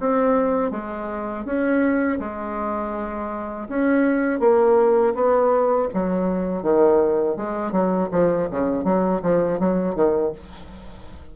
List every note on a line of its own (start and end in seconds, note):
0.00 0.71 C4
0.71 1.45 G#3
1.45 2.19 C#4
2.20 3.68 G#3
3.69 4.40 C#4
4.40 5.14 A#3
5.15 5.89 B3
5.94 6.63 F#3
6.63 7.37 D#3
7.37 7.72 G#3
7.72 8.09 F#3
8.12 8.49 F3
8.51 8.85 C#3
8.85 9.22 F#3
9.23 9.60 F3
9.60 9.95 F#3
9.95 10.32 D#3